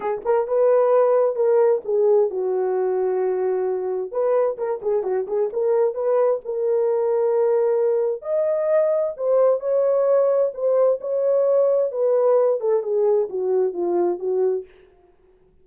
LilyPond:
\new Staff \with { instrumentName = "horn" } { \time 4/4 \tempo 4 = 131 gis'8 ais'8 b'2 ais'4 | gis'4 fis'2.~ | fis'4 b'4 ais'8 gis'8 fis'8 gis'8 | ais'4 b'4 ais'2~ |
ais'2 dis''2 | c''4 cis''2 c''4 | cis''2 b'4. a'8 | gis'4 fis'4 f'4 fis'4 | }